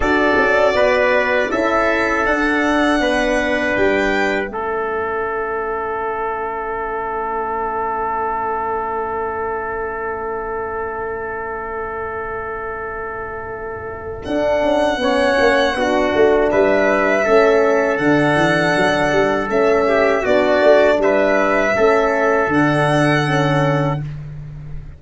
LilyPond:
<<
  \new Staff \with { instrumentName = "violin" } { \time 4/4 \tempo 4 = 80 d''2 e''4 fis''4~ | fis''4 g''4 e''2~ | e''1~ | e''1~ |
e''2. fis''4~ | fis''2 e''2 | fis''2 e''4 d''4 | e''2 fis''2 | }
  \new Staff \with { instrumentName = "trumpet" } { \time 4/4 a'4 b'4 a'2 | b'2 a'2~ | a'1~ | a'1~ |
a'1 | cis''4 fis'4 b'4 a'4~ | a'2~ a'8 g'8 fis'4 | b'4 a'2. | }
  \new Staff \with { instrumentName = "horn" } { \time 4/4 fis'2 e'4 d'4~ | d'2 cis'2~ | cis'1~ | cis'1~ |
cis'2. d'4 | cis'4 d'2 cis'4 | d'2 cis'4 d'4~ | d'4 cis'4 d'4 cis'4 | }
  \new Staff \with { instrumentName = "tuba" } { \time 4/4 d'8 cis'8 b4 cis'4 d'4 | b4 g4 a2~ | a1~ | a1~ |
a2. d'8 cis'8 | b8 ais8 b8 a8 g4 a4 | d8 e8 fis8 g8 a4 b8 a8 | g4 a4 d2 | }
>>